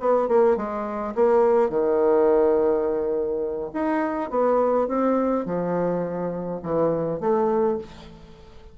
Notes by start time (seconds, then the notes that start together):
0.00 B3
0.29 A#3
0.57 G#3
1.15 A#3
1.69 D#3
3.74 D#4
4.30 B3
4.88 C4
5.45 F3
6.63 E3
7.21 A3